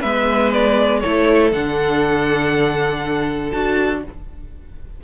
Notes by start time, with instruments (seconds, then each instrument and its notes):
0.00 cello G#3, viola B3, violin B4 E5
0.53 violin D5
1.00 cello A3, viola E4, violin A4 C#5
1.52 cello D3, viola D4, violin F#5
3.51 cello D4, viola F#4, violin A5